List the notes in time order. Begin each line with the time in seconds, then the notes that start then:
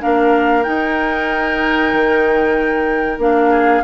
0.00 A#3 D4 A#4 F5
0.63 D#4 G5
1.93 D#3
3.18 A#3 D4 F5
3.50 G#4